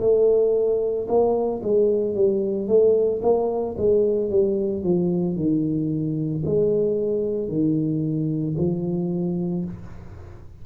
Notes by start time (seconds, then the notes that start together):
0.00 A3
1.08 A#3
1.63 G#3
2.15 G3
2.67 A3
3.22 A#3
3.77 G#3
4.30 G3
4.83 F3
5.36 D#3
6.45 G#3
7.48 D#3
8.58 F3